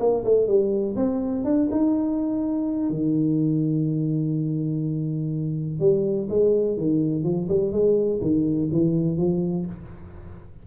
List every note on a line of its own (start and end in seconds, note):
0.00 0.24 A#3
0.25 0.48 A3
0.48 0.96 G3
0.96 1.45 C4
1.45 1.69 D4
1.72 2.90 D#4
2.90 5.80 D#3
5.80 6.28 G3
6.29 6.77 G#3
6.77 7.24 D#3
7.24 7.48 F3
7.49 7.72 G3
7.72 8.21 G#3
8.21 8.70 D#3
8.72 9.18 E3
9.18 9.66 F3